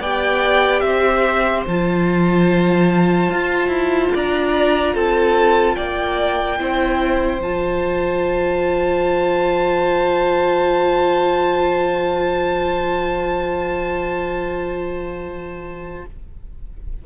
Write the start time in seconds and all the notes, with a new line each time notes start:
0.00 B3 G4 D5 G5
0.80 C4 C5 E5
1.67 F3 F4 A5
3.30 F4
3.67 E4
4.14 D4 D5 A#5
4.94 C4 A4 A5
5.75 A#3 D5 G5
6.59 C4 E4 C5
7.40 F3 F4 A5